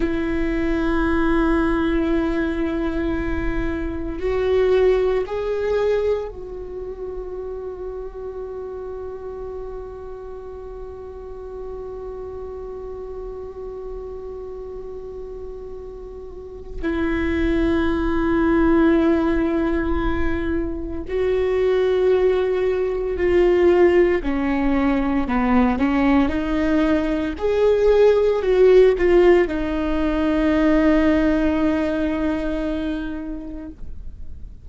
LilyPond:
\new Staff \with { instrumentName = "viola" } { \time 4/4 \tempo 4 = 57 e'1 | fis'4 gis'4 fis'2~ | fis'1~ | fis'1 |
e'1 | fis'2 f'4 cis'4 | b8 cis'8 dis'4 gis'4 fis'8 f'8 | dis'1 | }